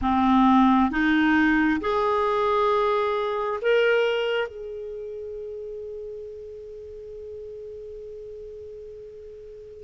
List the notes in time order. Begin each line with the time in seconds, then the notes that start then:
0.01 C4
0.90 D#4
1.81 G#4
3.61 A#4
4.48 G#4